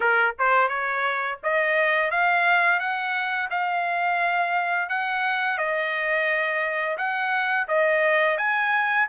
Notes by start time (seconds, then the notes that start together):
0.00 A#4
0.38 C5
0.68 C#5
1.43 D#5
2.10 F5
2.79 F#5
3.50 F5
4.89 F#5
5.58 D#5
6.97 F#5
7.68 D#5
8.37 G#5